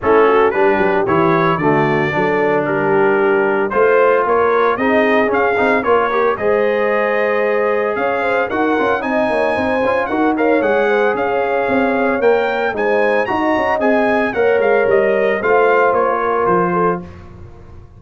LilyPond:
<<
  \new Staff \with { instrumentName = "trumpet" } { \time 4/4 \tempo 4 = 113 a'4 b'4 cis''4 d''4~ | d''4 ais'2 c''4 | cis''4 dis''4 f''4 cis''4 | dis''2. f''4 |
fis''4 gis''2 fis''8 f''8 | fis''4 f''2 g''4 | gis''4 ais''4 gis''4 fis''8 f''8 | dis''4 f''4 cis''4 c''4 | }
  \new Staff \with { instrumentName = "horn" } { \time 4/4 e'8 fis'8 g'2 fis'4 | a'4 g'2 c''4 | ais'4 gis'2 ais'4 | c''2. cis''8 c''8 |
ais'4 dis''8 cis''8 c''4 ais'8 cis''8~ | cis''8 c''8 cis''2. | c''4 dis''2 cis''4~ | cis''4 c''4. ais'4 a'8 | }
  \new Staff \with { instrumentName = "trombone" } { \time 4/4 cis'4 d'4 e'4 a4 | d'2. f'4~ | f'4 dis'4 cis'8 dis'8 f'8 g'8 | gis'1 |
fis'8 f'8 dis'4. f'8 fis'8 ais'8 | gis'2. ais'4 | dis'4 fis'4 gis'4 ais'4~ | ais'4 f'2. | }
  \new Staff \with { instrumentName = "tuba" } { \time 4/4 a4 g8 fis8 e4 d4 | fis4 g2 a4 | ais4 c'4 cis'8 c'8 ais4 | gis2. cis'4 |
dis'8 cis'8 c'8 ais8 c'8 cis'8 dis'4 | gis4 cis'4 c'4 ais4 | gis4 dis'8 cis'8 c'4 ais8 gis8 | g4 a4 ais4 f4 | }
>>